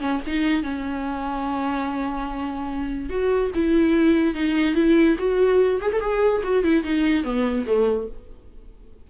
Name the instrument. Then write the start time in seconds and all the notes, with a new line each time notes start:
viola
0.00 C#4
0.27 D#4
0.63 C#4
3.09 F#4
3.55 E4
4.34 D#4
4.75 E4
5.18 F#4
5.81 G#4
5.92 A4
6.00 G#4
6.43 F#4
6.63 E4
6.84 D#4
7.24 B3
7.66 A3